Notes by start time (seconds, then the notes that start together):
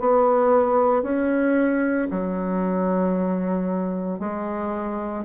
0.00 B3
1.02 C#4
2.11 F#3
4.20 G#3